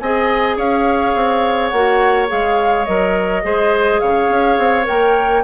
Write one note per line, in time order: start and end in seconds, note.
0.00 0.57 C4
0.00 1.75 G#4
0.00 0.57 D#5
0.00 0.57 G#5
0.57 1.14 C#4
0.57 3.42 C#5
0.57 1.69 F5
1.15 1.72 C4
1.69 2.29 A#3
1.69 2.27 F#4
1.69 2.26 F#5
2.27 2.88 G#3
2.27 2.85 G#4
2.27 2.85 F5
2.85 3.44 F#3
2.85 3.43 A#4
2.85 4.00 D#5
3.43 4.01 G#3
3.43 4.83 G#4
3.43 4.01 C5
4.00 4.29 C#3
4.00 5.44 C#5
4.00 4.85 F5
4.29 4.57 C#4
4.58 4.86 C4
4.83 5.44 A#3
4.83 5.41 A#4
4.83 5.44 G5